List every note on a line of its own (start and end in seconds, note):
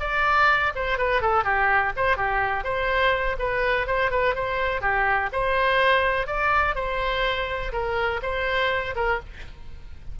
0.00 0.73 D5
0.75 0.98 C5
0.98 1.22 B4
1.22 1.44 A4
1.44 1.92 G4
1.96 2.17 C5
2.17 2.64 G4
2.64 3.36 C5
3.39 3.87 B4
3.87 4.11 C5
4.11 4.35 B4
4.35 4.81 C5
4.81 5.30 G4
5.32 6.27 C5
6.27 6.75 D5
6.75 7.72 C5
7.72 8.21 A#4
8.22 8.95 C5
8.95 9.20 A#4